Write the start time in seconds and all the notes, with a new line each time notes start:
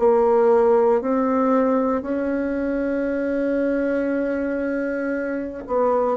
0.00 A#3
1.02 C4
2.03 C#4
5.67 B3